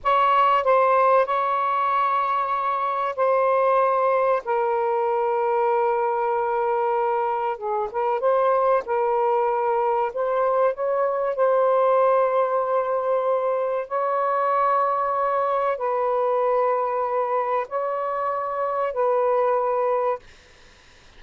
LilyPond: \new Staff \with { instrumentName = "saxophone" } { \time 4/4 \tempo 4 = 95 cis''4 c''4 cis''2~ | cis''4 c''2 ais'4~ | ais'1 | gis'8 ais'8 c''4 ais'2 |
c''4 cis''4 c''2~ | c''2 cis''2~ | cis''4 b'2. | cis''2 b'2 | }